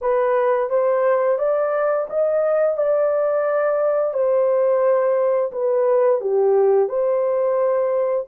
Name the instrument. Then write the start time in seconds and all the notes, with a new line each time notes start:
horn
0.01 B4
0.69 C5
1.38 D5
2.09 D#5
2.77 D5
4.13 C5
5.52 B4
6.20 G4
6.88 C5